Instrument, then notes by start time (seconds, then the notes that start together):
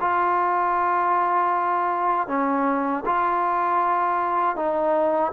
trombone
0.00 F4
2.28 C#4
3.06 F4
4.56 D#4